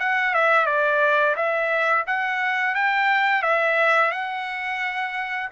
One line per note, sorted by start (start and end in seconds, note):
0.00 0.34 F#5
0.34 0.66 E5
0.66 1.35 D5
1.36 2.05 E5
2.07 2.75 F#5
2.75 3.43 G5
3.43 4.12 E5
4.12 5.50 F#5